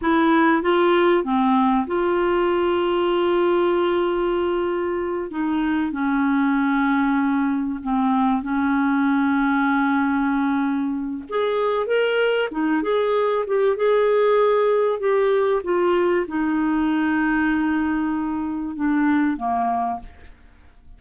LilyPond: \new Staff \with { instrumentName = "clarinet" } { \time 4/4 \tempo 4 = 96 e'4 f'4 c'4 f'4~ | f'1~ | f'8 dis'4 cis'2~ cis'8~ | cis'8 c'4 cis'2~ cis'8~ |
cis'2 gis'4 ais'4 | dis'8 gis'4 g'8 gis'2 | g'4 f'4 dis'2~ | dis'2 d'4 ais4 | }